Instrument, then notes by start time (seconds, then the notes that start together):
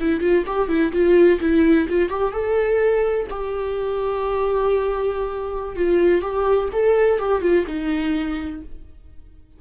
viola
0.00 E4
0.20 F4
0.46 G4
0.68 E4
0.92 F4
1.40 E4
1.89 F4
2.09 G4
2.32 A4
3.30 G4
5.76 F4
6.21 G4
6.72 A4
7.19 G4
7.42 F4
7.67 D#4